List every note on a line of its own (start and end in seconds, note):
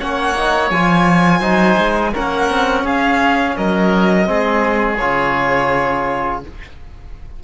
0.00 0.71 A#3
0.00 0.36 C#4
0.00 1.40 C#5
0.00 0.71 F#5
0.36 0.72 D#4
0.71 1.41 F3
0.71 1.42 F4
0.71 2.14 G#5
1.40 1.76 F#3
1.40 2.13 D#4
1.40 2.11 C5
1.78 2.14 G#3
2.14 2.50 A#3
2.14 4.26 C#4
2.14 2.85 A#4
2.14 2.87 F#5
2.50 2.84 C4
2.84 3.56 C#4
2.84 3.56 G#4
2.84 3.57 F5
3.57 4.29 F#3
3.57 4.29 A#4
3.57 4.97 D#5
4.26 5.01 G#3
4.26 4.97 C4
4.26 6.44 G#4
4.97 6.44 C#3
4.97 6.44 F4
4.97 6.40 C#5